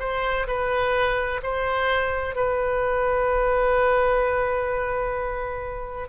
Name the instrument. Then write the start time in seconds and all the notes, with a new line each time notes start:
oboe
0.00 C5
0.47 B4
1.43 C5
2.35 B4